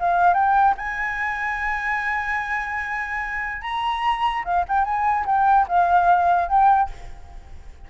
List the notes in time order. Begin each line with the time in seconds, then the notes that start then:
0.00 F5
0.34 G5
0.78 G#5
3.62 A#5
4.45 F5
4.68 G5
4.85 G#5
5.26 G5
5.68 F5
6.49 G5